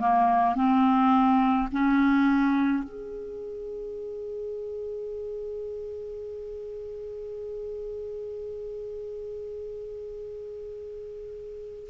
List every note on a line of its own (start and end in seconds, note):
0.00 0.56 A#3
0.56 1.69 C4
1.72 2.84 C#4
2.84 11.89 G#4